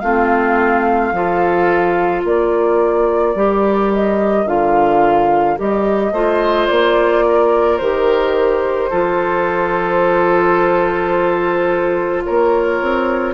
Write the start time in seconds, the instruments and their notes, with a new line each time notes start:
0.00 bassoon A3, clarinet C4, oboe F4, flute F5
1.12 bassoon F3, clarinet F4, oboe A4
2.24 bassoon A#3, oboe A#4, flute D5
3.35 bassoon G3, clarinet G4
3.94 flute D#5
4.45 bassoon D3, clarinet F4, flute F5
5.56 bassoon G3, clarinet G4, flute D#5
6.12 bassoon A3, clarinet F4, oboe C5
6.67 bassoon A#3, flute D5
7.29 oboe A#4
7.78 bassoon D#3, clarinet G4, flute C5
8.90 bassoon F3, clarinet F4, oboe A4
12.24 bassoon A#3, oboe A#4, flute C#5
12.82 bassoon C4